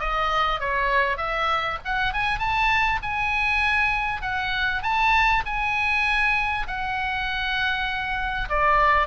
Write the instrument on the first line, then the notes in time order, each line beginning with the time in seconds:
oboe
0.00 D#5
0.61 C#5
1.18 E5
1.85 F#5
2.13 G#5
2.39 A5
3.03 G#5
4.22 F#5
4.83 A5
5.46 G#5
6.68 F#5
8.50 D5